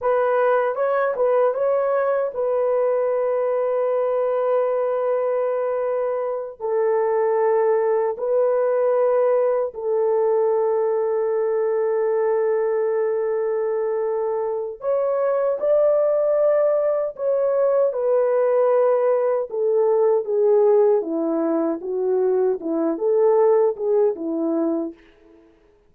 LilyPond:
\new Staff \with { instrumentName = "horn" } { \time 4/4 \tempo 4 = 77 b'4 cis''8 b'8 cis''4 b'4~ | b'1~ | b'8 a'2 b'4.~ | b'8 a'2.~ a'8~ |
a'2. cis''4 | d''2 cis''4 b'4~ | b'4 a'4 gis'4 e'4 | fis'4 e'8 a'4 gis'8 e'4 | }